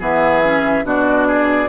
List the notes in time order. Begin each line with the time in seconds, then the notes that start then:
0.00 E3 B3 G#4 E5
0.43 C#4
0.84 B2 D4 F#4 D5
1.28 G#4